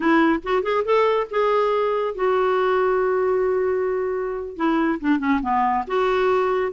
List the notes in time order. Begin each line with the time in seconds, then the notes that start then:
0.00 E4
0.43 F#4
0.62 G#4
0.84 A4
1.30 G#4
2.14 F#4
4.56 E4
5.00 D4
5.19 C#4
5.42 B3
5.87 F#4